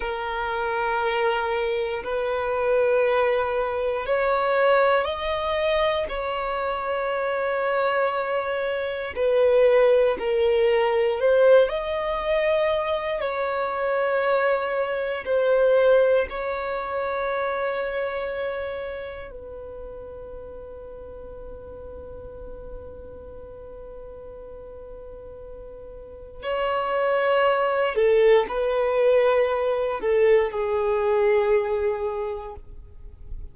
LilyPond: \new Staff \with { instrumentName = "violin" } { \time 4/4 \tempo 4 = 59 ais'2 b'2 | cis''4 dis''4 cis''2~ | cis''4 b'4 ais'4 c''8 dis''8~ | dis''4 cis''2 c''4 |
cis''2. b'4~ | b'1~ | b'2 cis''4. a'8 | b'4. a'8 gis'2 | }